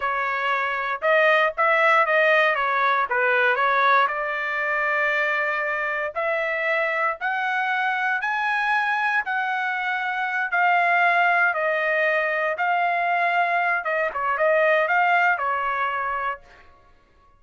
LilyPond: \new Staff \with { instrumentName = "trumpet" } { \time 4/4 \tempo 4 = 117 cis''2 dis''4 e''4 | dis''4 cis''4 b'4 cis''4 | d''1 | e''2 fis''2 |
gis''2 fis''2~ | fis''8 f''2 dis''4.~ | dis''8 f''2~ f''8 dis''8 cis''8 | dis''4 f''4 cis''2 | }